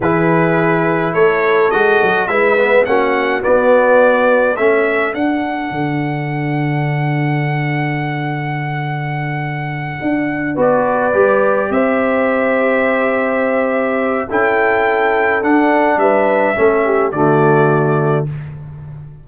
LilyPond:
<<
  \new Staff \with { instrumentName = "trumpet" } { \time 4/4 \tempo 4 = 105 b'2 cis''4 dis''4 | e''4 fis''4 d''2 | e''4 fis''2.~ | fis''1~ |
fis''2~ fis''8 d''4.~ | d''8 e''2.~ e''8~ | e''4 g''2 fis''4 | e''2 d''2 | }
  \new Staff \with { instrumentName = "horn" } { \time 4/4 gis'2 a'2 | b'4 fis'2. | a'1~ | a'1~ |
a'2~ a'8 b'4.~ | b'8 c''2.~ c''8~ | c''4 a'2. | b'4 a'8 g'8 fis'2 | }
  \new Staff \with { instrumentName = "trombone" } { \time 4/4 e'2. fis'4 | e'8 b8 cis'4 b2 | cis'4 d'2.~ | d'1~ |
d'2~ d'8 fis'4 g'8~ | g'1~ | g'4 e'2 d'4~ | d'4 cis'4 a2 | }
  \new Staff \with { instrumentName = "tuba" } { \time 4/4 e2 a4 gis8 fis8 | gis4 ais4 b2 | a4 d'4 d2~ | d1~ |
d4. d'4 b4 g8~ | g8 c'2.~ c'8~ | c'4 cis'2 d'4 | g4 a4 d2 | }
>>